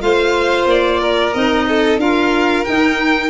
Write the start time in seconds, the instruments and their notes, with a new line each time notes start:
0.00 tuba A3, clarinet F4, violin C5 F5
0.65 tuba A#3, violin D5
0.99 violin A#4
1.33 tuba C4, clarinet D#4, violin D#5
1.68 violin A4
1.97 tuba D4, clarinet F4, violin A#4 F5
2.64 clarinet D#4, tuba D#4, violin G5